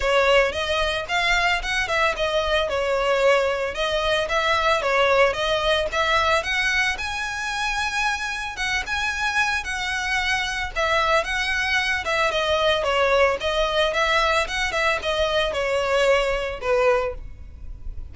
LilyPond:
\new Staff \with { instrumentName = "violin" } { \time 4/4 \tempo 4 = 112 cis''4 dis''4 f''4 fis''8 e''8 | dis''4 cis''2 dis''4 | e''4 cis''4 dis''4 e''4 | fis''4 gis''2. |
fis''8 gis''4. fis''2 | e''4 fis''4. e''8 dis''4 | cis''4 dis''4 e''4 fis''8 e''8 | dis''4 cis''2 b'4 | }